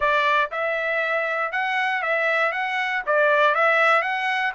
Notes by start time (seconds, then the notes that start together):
0.00 D5
0.51 E5
1.51 F#5
2.02 E5
2.52 F#5
3.06 D5
3.54 E5
4.02 F#5